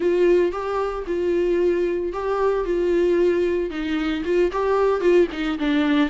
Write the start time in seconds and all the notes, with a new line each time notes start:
0.00 F4
0.52 G4
1.06 F4
2.12 G4
2.65 F4
3.70 D#4
4.25 F4
4.52 G4
5.00 F4
5.32 D#4
5.58 D4